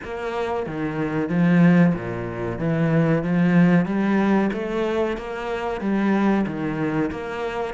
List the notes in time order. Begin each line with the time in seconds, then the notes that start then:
0.04 A#3
0.66 D#3
1.29 F3
1.94 A#2
2.58 E3
3.23 F3
3.85 G3
4.52 A3
5.17 A#3
5.81 G3
6.46 D#3
7.11 A#3